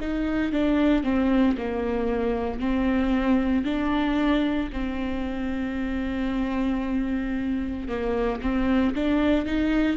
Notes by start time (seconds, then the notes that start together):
0.00 D#4
0.52 D4
1.03 C4
1.57 A#3
2.59 C4
3.64 D4
4.72 C4
7.88 A#3
8.42 C4
8.95 D4
9.45 D#4